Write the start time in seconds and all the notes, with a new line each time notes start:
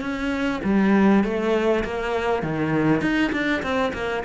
0.00 C#4
0.64 G3
1.24 A3
1.84 A#3
2.42 D#3
3.01 D#4
3.32 D4
3.62 C4
3.93 A#3